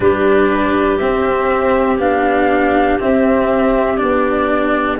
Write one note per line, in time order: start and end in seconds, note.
0.00 0.99 G3
0.00 0.97 D4
0.00 4.99 G4
0.00 0.97 B4
0.97 1.98 C4
0.97 1.99 C4
0.97 1.97 E5
1.98 2.98 B3
1.98 2.99 D4
1.98 2.99 F5
2.99 3.97 C4
2.99 4.01 C4
2.99 3.97 E5
3.97 4.99 B3
3.97 4.97 D4
3.97 4.97 D5